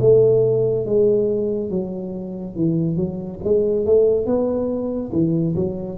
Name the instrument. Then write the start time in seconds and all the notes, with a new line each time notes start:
tuba
0.00 A3
0.86 G#3
1.70 F#3
2.56 E3
2.96 F#3
3.44 G#3
3.86 A3
4.26 B3
5.12 E3
5.56 F#3